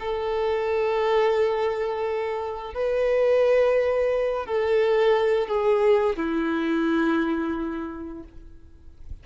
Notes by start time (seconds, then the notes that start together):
0.00 A4
2.74 B4
4.46 A4
5.48 G#4
6.17 E4